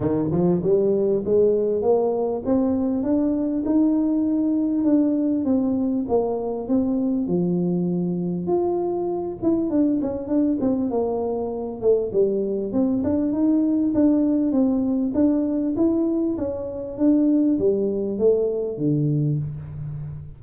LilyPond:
\new Staff \with { instrumentName = "tuba" } { \time 4/4 \tempo 4 = 99 dis8 f8 g4 gis4 ais4 | c'4 d'4 dis'2 | d'4 c'4 ais4 c'4 | f2 f'4. e'8 |
d'8 cis'8 d'8 c'8 ais4. a8 | g4 c'8 d'8 dis'4 d'4 | c'4 d'4 e'4 cis'4 | d'4 g4 a4 d4 | }